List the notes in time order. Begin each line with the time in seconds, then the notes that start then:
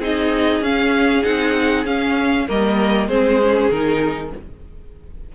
0.00 C4 D#4 G#4 D#5
0.61 C#4 F5
1.24 C4 D#4 F#5
1.85 C#4 F5
2.48 G3 A#3 A#4 D#5
3.08 G#3 C4 G#4 C5
3.42 C#4
3.70 D#3 D#4 A#4